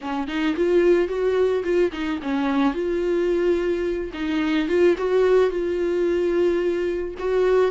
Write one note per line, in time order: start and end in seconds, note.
0.01 0.27 C#4
0.27 0.55 D#4
0.56 1.08 F4
1.08 1.63 F#4
1.63 1.91 F4
1.92 2.19 D#4
2.22 2.73 C#4
2.73 4.11 F4
4.13 4.68 D#4
4.68 4.95 F4
4.97 5.49 F#4
5.49 7.15 F4
7.18 7.71 F#4